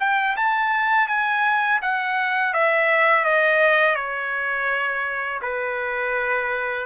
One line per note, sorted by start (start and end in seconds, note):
0.00 0.36 G5
0.36 1.08 A5
1.08 1.80 G#5
1.82 2.54 F#5
2.54 3.25 E5
3.25 3.96 D#5
3.96 5.40 C#5
5.42 6.86 B4